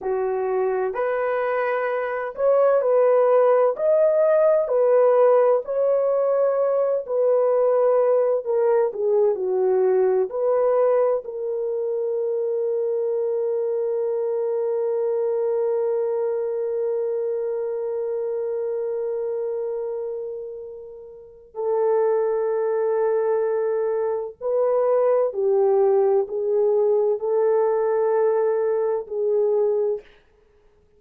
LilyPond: \new Staff \with { instrumentName = "horn" } { \time 4/4 \tempo 4 = 64 fis'4 b'4. cis''8 b'4 | dis''4 b'4 cis''4. b'8~ | b'4 ais'8 gis'8 fis'4 b'4 | ais'1~ |
ais'1~ | ais'2. a'4~ | a'2 b'4 g'4 | gis'4 a'2 gis'4 | }